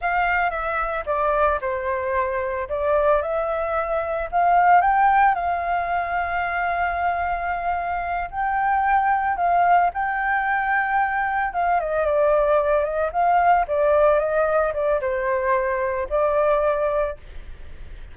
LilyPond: \new Staff \with { instrumentName = "flute" } { \time 4/4 \tempo 4 = 112 f''4 e''4 d''4 c''4~ | c''4 d''4 e''2 | f''4 g''4 f''2~ | f''2.~ f''8 g''8~ |
g''4. f''4 g''4.~ | g''4. f''8 dis''8 d''4. | dis''8 f''4 d''4 dis''4 d''8 | c''2 d''2 | }